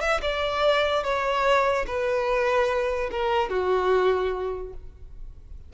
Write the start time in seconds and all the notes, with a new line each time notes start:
0.00 E5
0.21 D5
1.03 C#5
1.87 B4
3.11 A#4
3.50 F#4